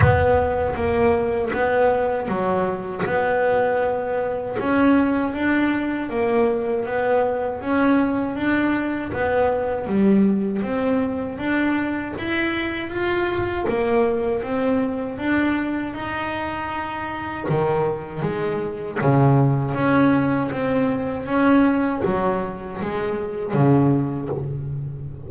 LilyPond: \new Staff \with { instrumentName = "double bass" } { \time 4/4 \tempo 4 = 79 b4 ais4 b4 fis4 | b2 cis'4 d'4 | ais4 b4 cis'4 d'4 | b4 g4 c'4 d'4 |
e'4 f'4 ais4 c'4 | d'4 dis'2 dis4 | gis4 cis4 cis'4 c'4 | cis'4 fis4 gis4 cis4 | }